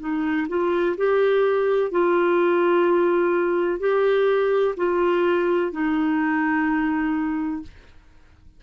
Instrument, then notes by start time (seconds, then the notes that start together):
clarinet
0.00 D#4
0.49 F4
0.97 G4
1.92 F4
3.80 G4
4.77 F4
5.72 D#4